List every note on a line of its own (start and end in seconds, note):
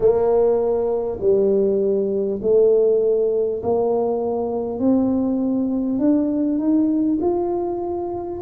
0.00 1.19 A#3
1.19 2.39 G3
2.42 3.62 A3
3.62 4.79 A#3
4.79 5.98 C4
5.98 6.58 D4
6.58 7.18 D#4
7.20 8.40 F4